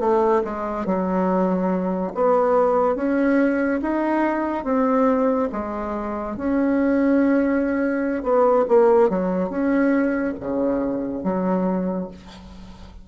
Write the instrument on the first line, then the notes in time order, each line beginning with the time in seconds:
bassoon
0.00 A3
0.45 G#3
0.86 F#3
2.15 B3
2.96 C#4
3.82 D#4
4.64 C4
5.52 G#3
6.37 C#4
8.23 B3
8.68 A#3
9.10 F#3
9.50 C#4
10.40 C#3
11.24 F#3